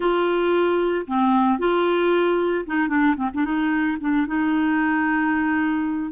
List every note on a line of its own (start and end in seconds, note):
0.00 1.05 F4
1.07 1.58 C4
1.58 2.65 F4
2.66 2.88 D#4
2.88 3.14 D4
3.16 3.29 C4
3.34 3.44 D4
3.44 3.97 D#4
4.00 4.26 D4
4.26 6.11 D#4